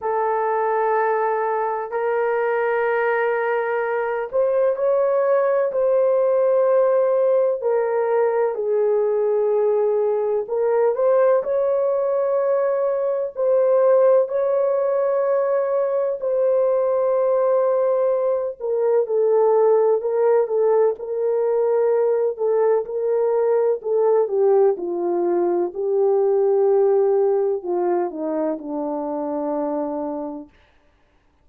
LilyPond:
\new Staff \with { instrumentName = "horn" } { \time 4/4 \tempo 4 = 63 a'2 ais'2~ | ais'8 c''8 cis''4 c''2 | ais'4 gis'2 ais'8 c''8 | cis''2 c''4 cis''4~ |
cis''4 c''2~ c''8 ais'8 | a'4 ais'8 a'8 ais'4. a'8 | ais'4 a'8 g'8 f'4 g'4~ | g'4 f'8 dis'8 d'2 | }